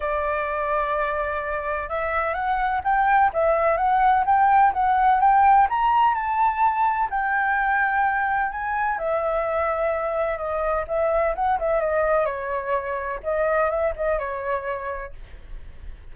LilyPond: \new Staff \with { instrumentName = "flute" } { \time 4/4 \tempo 4 = 127 d''1 | e''4 fis''4 g''4 e''4 | fis''4 g''4 fis''4 g''4 | ais''4 a''2 g''4~ |
g''2 gis''4 e''4~ | e''2 dis''4 e''4 | fis''8 e''8 dis''4 cis''2 | dis''4 e''8 dis''8 cis''2 | }